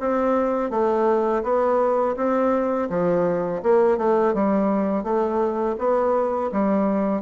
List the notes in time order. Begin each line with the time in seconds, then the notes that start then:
0.00 C4
0.71 A3
1.43 B3
2.17 C4
2.90 F3
3.63 A#3
3.98 A3
4.34 G3
5.04 A3
5.79 B3
6.52 G3